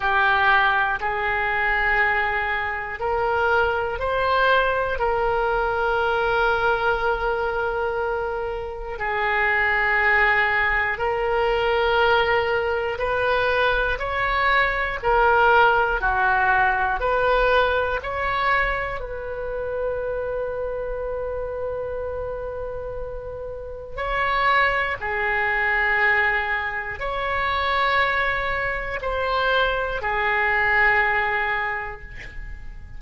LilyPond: \new Staff \with { instrumentName = "oboe" } { \time 4/4 \tempo 4 = 60 g'4 gis'2 ais'4 | c''4 ais'2.~ | ais'4 gis'2 ais'4~ | ais'4 b'4 cis''4 ais'4 |
fis'4 b'4 cis''4 b'4~ | b'1 | cis''4 gis'2 cis''4~ | cis''4 c''4 gis'2 | }